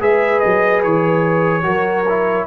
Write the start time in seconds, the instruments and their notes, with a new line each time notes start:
0.00 tuba G#3, trombone G#4, horn B4, trumpet E5
0.40 tuba F#3, trumpet D#5
0.83 tuba E3, trumpet C#5
1.63 tuba F#3, trombone F#4, horn A#4
2.08 trombone E4